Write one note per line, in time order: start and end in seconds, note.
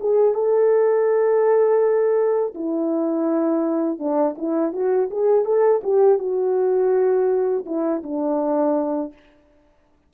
0.00 0.34 G#4
0.34 2.54 A4
2.54 3.99 E4
3.99 4.35 D4
4.38 4.72 E4
4.72 5.09 F#4
5.11 5.45 G#4
5.45 5.81 A4
5.83 6.18 G4
6.18 7.65 F#4
7.66 8.02 E4
8.03 9.13 D4